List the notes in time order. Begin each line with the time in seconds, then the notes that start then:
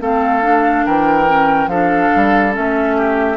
0.00 A3 C4 A4 F5
0.42 D4
0.85 E3 A#4 G5
1.27 C#4
1.66 F3 D4 A4 F5
2.15 G3
2.52 A3 C#4 E5
2.96 G4